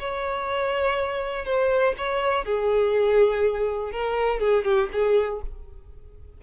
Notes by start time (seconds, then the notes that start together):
0.00 C#5
1.46 C5
1.98 C#5
2.45 G#4
3.92 A#4
4.40 G#4
4.65 G4
4.93 G#4